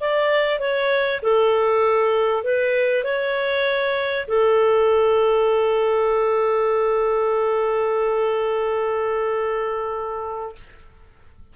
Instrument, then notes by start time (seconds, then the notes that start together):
clarinet
0.00 D5
0.59 C#5
1.22 A4
2.43 B4
3.04 C#5
4.27 A4